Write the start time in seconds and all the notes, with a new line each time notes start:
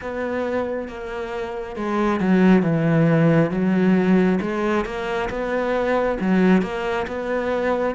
0.01 B3
0.87 A#3
1.76 G#3
2.19 F#3
2.62 E3
3.51 F#3
4.41 G#3
4.85 A#3
5.29 B3
6.20 F#3
6.62 A#3
7.07 B3